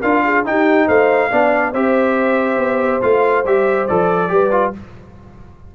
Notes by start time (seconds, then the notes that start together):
0.00 D4 F4 A#4 F5
0.24 G#4
0.45 D#4 G4 G5
0.87 A3 C5 F5
1.31 B3 D4 D5
1.72 C4 G4 C5 E5
2.57 B3
3.02 A3 F4 F5
3.45 G3 G4 E5
3.87 F3 A4 D5
4.28 G3 G4 B4
4.51 F4